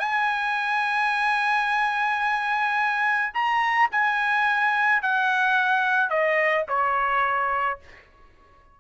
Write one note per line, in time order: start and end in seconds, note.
0.00 3.33 G#5
3.34 3.90 A#5
3.92 5.03 G#5
5.03 6.10 F#5
6.10 6.66 D#5
6.68 7.80 C#5